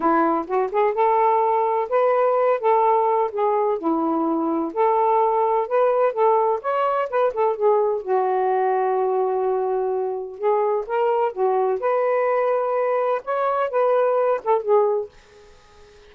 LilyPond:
\new Staff \with { instrumentName = "saxophone" } { \time 4/4 \tempo 4 = 127 e'4 fis'8 gis'8 a'2 | b'4. a'4. gis'4 | e'2 a'2 | b'4 a'4 cis''4 b'8 a'8 |
gis'4 fis'2.~ | fis'2 gis'4 ais'4 | fis'4 b'2. | cis''4 b'4. a'8 gis'4 | }